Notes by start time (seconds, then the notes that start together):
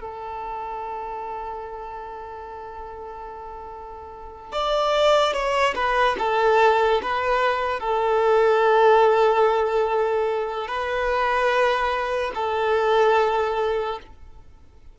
0.00 A4
4.52 D5
5.33 C#5
5.75 B4
6.18 A4
7.02 B4
7.79 A4
10.67 B4
12.34 A4